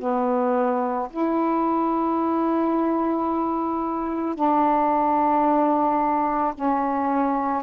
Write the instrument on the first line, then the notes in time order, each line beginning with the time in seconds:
saxophone
0.00 B3
1.11 E4
4.36 D4
6.55 C#4